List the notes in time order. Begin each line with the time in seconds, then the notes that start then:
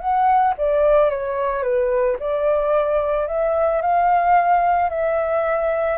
0.00 F#5
0.57 D5
1.10 C#5
1.63 B4
2.19 D5
3.27 E5
3.82 F5
4.89 E5